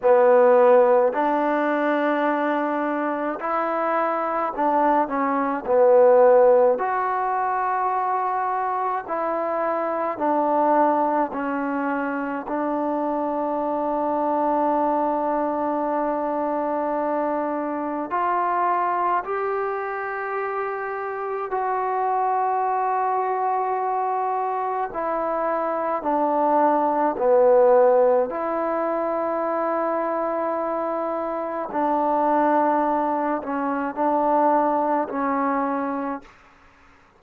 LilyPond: \new Staff \with { instrumentName = "trombone" } { \time 4/4 \tempo 4 = 53 b4 d'2 e'4 | d'8 cis'8 b4 fis'2 | e'4 d'4 cis'4 d'4~ | d'1 |
f'4 g'2 fis'4~ | fis'2 e'4 d'4 | b4 e'2. | d'4. cis'8 d'4 cis'4 | }